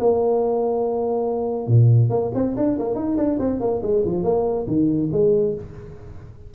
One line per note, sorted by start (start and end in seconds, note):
0.00 1.67 A#3
1.67 2.10 A#2
2.10 2.31 A#3
2.34 2.56 C4
2.57 2.78 D4
2.79 2.95 A#3
2.95 3.17 D#4
3.17 3.38 D4
3.39 3.61 C4
3.61 3.82 A#3
3.83 4.04 G#3
4.05 4.24 F3
4.24 4.66 A#3
4.67 5.10 D#3
5.12 5.55 G#3